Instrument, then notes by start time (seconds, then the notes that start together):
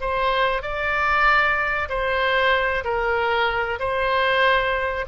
oboe
0.00 C5
0.62 D5
1.89 C5
2.84 A#4
3.79 C5